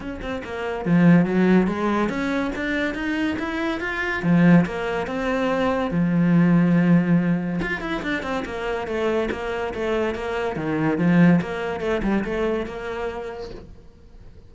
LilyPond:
\new Staff \with { instrumentName = "cello" } { \time 4/4 \tempo 4 = 142 cis'8 c'8 ais4 f4 fis4 | gis4 cis'4 d'4 dis'4 | e'4 f'4 f4 ais4 | c'2 f2~ |
f2 f'8 e'8 d'8 c'8 | ais4 a4 ais4 a4 | ais4 dis4 f4 ais4 | a8 g8 a4 ais2 | }